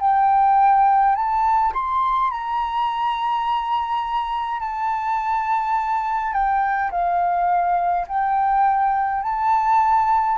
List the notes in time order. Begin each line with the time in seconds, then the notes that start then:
0.00 G5
1.15 A5
1.73 C6
2.31 A#5
4.59 A5
6.33 G5
6.91 F5
8.07 G5
9.23 A5